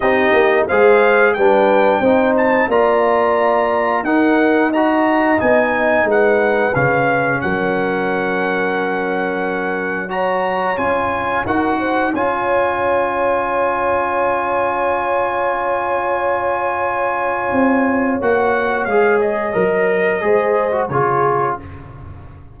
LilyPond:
<<
  \new Staff \with { instrumentName = "trumpet" } { \time 4/4 \tempo 4 = 89 dis''4 f''4 g''4. a''8 | ais''2 fis''4 ais''4 | gis''4 fis''4 f''4 fis''4~ | fis''2. ais''4 |
gis''4 fis''4 gis''2~ | gis''1~ | gis''2. fis''4 | f''8 dis''2~ dis''8 cis''4 | }
  \new Staff \with { instrumentName = "horn" } { \time 4/4 g'4 c''4 b'4 c''4 | d''2 ais'4 dis''4~ | dis''4 b'2 ais'4~ | ais'2. cis''4~ |
cis''4 ais'8 c''8 cis''2~ | cis''1~ | cis''1~ | cis''2 c''4 gis'4 | }
  \new Staff \with { instrumentName = "trombone" } { \time 4/4 dis'4 gis'4 d'4 dis'4 | f'2 dis'4 fis'4 | dis'2 cis'2~ | cis'2. fis'4 |
f'4 fis'4 f'2~ | f'1~ | f'2. fis'4 | gis'4 ais'4 gis'8. fis'16 f'4 | }
  \new Staff \with { instrumentName = "tuba" } { \time 4/4 c'8 ais8 gis4 g4 c'4 | ais2 dis'2 | b4 gis4 cis4 fis4~ | fis1 |
cis'4 dis'4 cis'2~ | cis'1~ | cis'2 c'4 ais4 | gis4 fis4 gis4 cis4 | }
>>